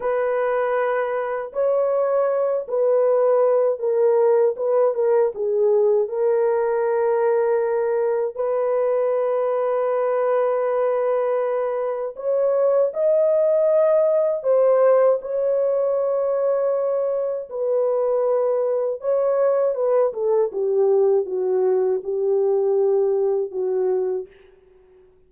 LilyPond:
\new Staff \with { instrumentName = "horn" } { \time 4/4 \tempo 4 = 79 b'2 cis''4. b'8~ | b'4 ais'4 b'8 ais'8 gis'4 | ais'2. b'4~ | b'1 |
cis''4 dis''2 c''4 | cis''2. b'4~ | b'4 cis''4 b'8 a'8 g'4 | fis'4 g'2 fis'4 | }